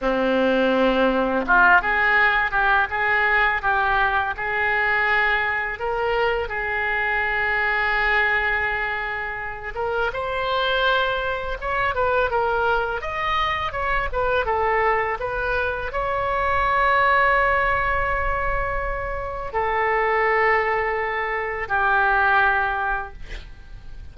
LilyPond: \new Staff \with { instrumentName = "oboe" } { \time 4/4 \tempo 4 = 83 c'2 f'8 gis'4 g'8 | gis'4 g'4 gis'2 | ais'4 gis'2.~ | gis'4. ais'8 c''2 |
cis''8 b'8 ais'4 dis''4 cis''8 b'8 | a'4 b'4 cis''2~ | cis''2. a'4~ | a'2 g'2 | }